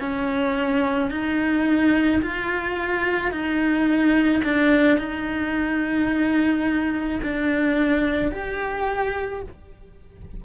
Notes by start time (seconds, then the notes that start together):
0.00 C#4
1.11 D#4
2.22 F4
3.31 D#4
4.44 D4
4.98 D#4
7.23 D4
8.32 G4